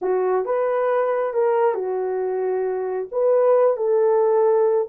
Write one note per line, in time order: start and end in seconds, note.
0.01 0.45 F#4
0.45 1.33 B4
1.33 1.74 A#4
1.74 3.07 F#4
3.11 3.76 B4
3.76 4.87 A4